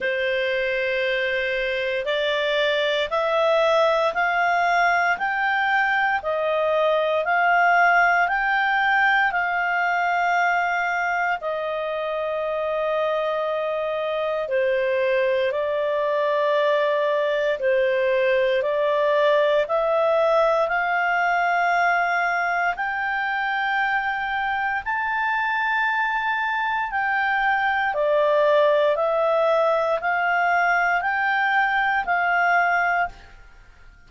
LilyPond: \new Staff \with { instrumentName = "clarinet" } { \time 4/4 \tempo 4 = 58 c''2 d''4 e''4 | f''4 g''4 dis''4 f''4 | g''4 f''2 dis''4~ | dis''2 c''4 d''4~ |
d''4 c''4 d''4 e''4 | f''2 g''2 | a''2 g''4 d''4 | e''4 f''4 g''4 f''4 | }